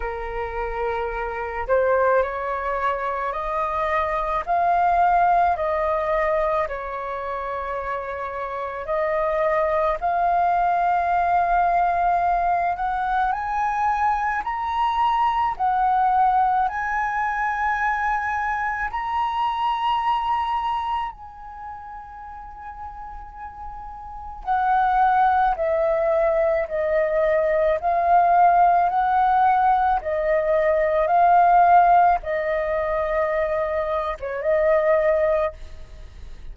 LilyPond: \new Staff \with { instrumentName = "flute" } { \time 4/4 \tempo 4 = 54 ais'4. c''8 cis''4 dis''4 | f''4 dis''4 cis''2 | dis''4 f''2~ f''8 fis''8 | gis''4 ais''4 fis''4 gis''4~ |
gis''4 ais''2 gis''4~ | gis''2 fis''4 e''4 | dis''4 f''4 fis''4 dis''4 | f''4 dis''4.~ dis''16 cis''16 dis''4 | }